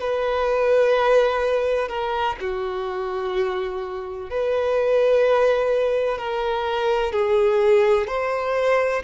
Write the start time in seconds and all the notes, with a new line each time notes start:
0.00 B4
1.89 A#4
2.41 F#4
4.30 B4
6.18 A#4
7.13 G#4
8.07 C5